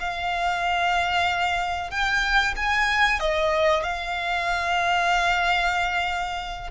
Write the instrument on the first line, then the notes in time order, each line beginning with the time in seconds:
violin
0.00 F5
1.91 G5
2.56 G#5
3.20 D#5
3.83 F5